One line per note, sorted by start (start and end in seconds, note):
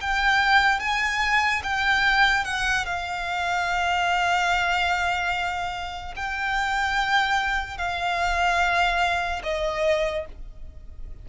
0.00 0.80 G5
0.80 1.62 G#5
1.63 2.44 G5
2.44 2.85 F#5
2.85 6.14 F5
6.16 7.77 G5
7.77 9.42 F5
9.43 10.25 D#5